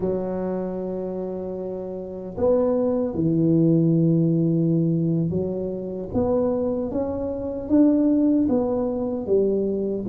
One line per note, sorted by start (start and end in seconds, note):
0.00 2.36 F#3
2.37 3.14 B3
3.14 5.30 E3
5.30 6.09 F#3
6.13 6.91 B3
6.91 7.68 C#4
7.68 8.47 D4
8.48 9.26 B3
9.26 10.05 G3